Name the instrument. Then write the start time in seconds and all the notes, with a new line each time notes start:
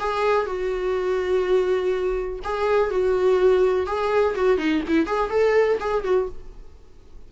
viola
0.00 G#4
0.46 F#4
2.44 G#4
2.91 F#4
3.87 G#4
4.35 F#4
4.58 D#4
4.88 E4
5.07 G#4
5.30 A4
5.80 G#4
6.04 F#4